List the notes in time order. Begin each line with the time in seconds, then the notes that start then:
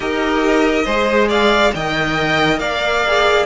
0.00 D#4 G4 A#4 D#5
0.84 G#3 G#4 C5
1.28 D5 F5
1.74 D#3 A#4 D#5 G5
2.59 A#3 D5 F5
3.07 G#4